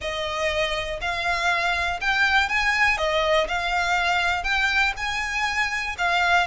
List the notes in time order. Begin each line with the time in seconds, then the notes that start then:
0.01 D#5
1.01 F5
2.00 G5
2.48 G#5
2.97 D#5
3.48 F5
4.43 G5
4.97 G#5
5.98 F5